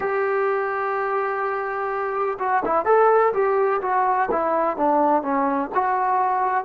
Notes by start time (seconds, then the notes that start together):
0.00 G4
2.39 F#4
2.65 E4
2.85 A4
3.33 G4
3.81 F#4
4.31 E4
4.76 D4
5.22 C#4
5.74 F#4